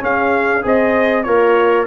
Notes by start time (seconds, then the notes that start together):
0.00 C#4 G#4 F5
0.62 C4 G#4 C5 D#5
1.24 A#3 F4 A#4 C#5